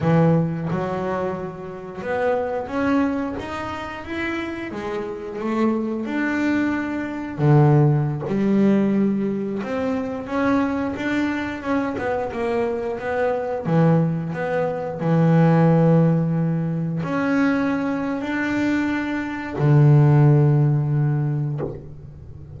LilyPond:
\new Staff \with { instrumentName = "double bass" } { \time 4/4 \tempo 4 = 89 e4 fis2 b4 | cis'4 dis'4 e'4 gis4 | a4 d'2 d4~ | d16 g2 c'4 cis'8.~ |
cis'16 d'4 cis'8 b8 ais4 b8.~ | b16 e4 b4 e4.~ e16~ | e4~ e16 cis'4.~ cis'16 d'4~ | d'4 d2. | }